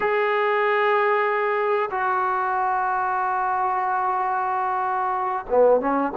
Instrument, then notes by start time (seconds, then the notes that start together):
trombone
0.00 G#4
1.90 F#4
5.49 B3
5.80 C#4